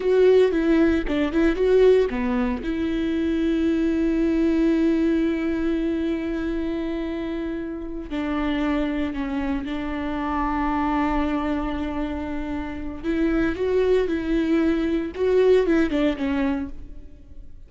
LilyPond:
\new Staff \with { instrumentName = "viola" } { \time 4/4 \tempo 4 = 115 fis'4 e'4 d'8 e'8 fis'4 | b4 e'2.~ | e'1~ | e'2.~ e'8 d'8~ |
d'4. cis'4 d'4.~ | d'1~ | d'4 e'4 fis'4 e'4~ | e'4 fis'4 e'8 d'8 cis'4 | }